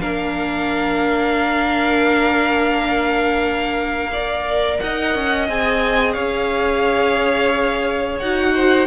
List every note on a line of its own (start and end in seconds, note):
0.00 4.80 A#3
0.00 4.09 D4
0.00 4.11 A#4
0.00 4.79 F5
4.13 5.48 A#4
4.13 4.81 D5
4.80 5.15 D#4
4.80 6.14 D#5
4.80 5.48 F#5
5.15 5.49 C#4
5.48 6.17 C4
5.48 8.21 G#4
5.48 6.13 G#5
6.13 8.21 C#4
6.13 8.53 C#5
6.13 8.17 F5
8.20 8.88 D#4
8.20 8.88 F#4
8.20 8.88 F#5
8.55 8.88 C5